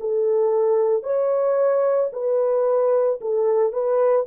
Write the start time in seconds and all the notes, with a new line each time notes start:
0.00 A4
1.03 C#5
2.12 B4
3.21 A4
3.73 B4